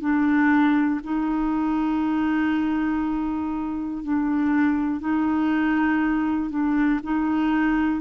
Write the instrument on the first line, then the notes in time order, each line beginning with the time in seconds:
clarinet
0.00 D4
1.04 D#4
4.04 D4
5.00 D#4
6.50 D4
7.03 D#4